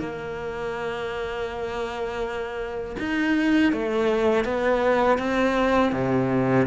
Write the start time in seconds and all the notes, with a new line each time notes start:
0.00 A#3
2.99 D#4
3.73 A3
4.45 B3
5.18 C4
5.92 C3